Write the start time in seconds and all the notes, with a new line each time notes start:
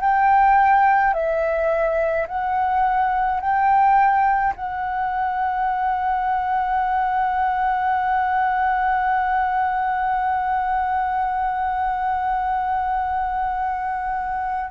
0.00 G5
1.13 E5
2.27 F#5
3.40 G5
4.55 F#5